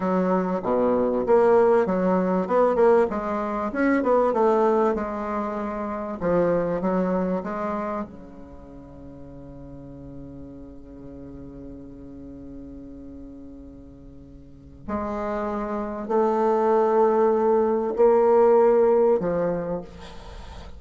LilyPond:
\new Staff \with { instrumentName = "bassoon" } { \time 4/4 \tempo 4 = 97 fis4 b,4 ais4 fis4 | b8 ais8 gis4 cis'8 b8 a4 | gis2 f4 fis4 | gis4 cis2.~ |
cis1~ | cis1 | gis2 a2~ | a4 ais2 f4 | }